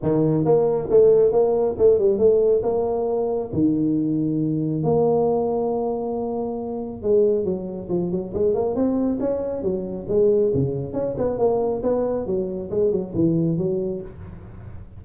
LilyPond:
\new Staff \with { instrumentName = "tuba" } { \time 4/4 \tempo 4 = 137 dis4 ais4 a4 ais4 | a8 g8 a4 ais2 | dis2. ais4~ | ais1 |
gis4 fis4 f8 fis8 gis8 ais8 | c'4 cis'4 fis4 gis4 | cis4 cis'8 b8 ais4 b4 | fis4 gis8 fis8 e4 fis4 | }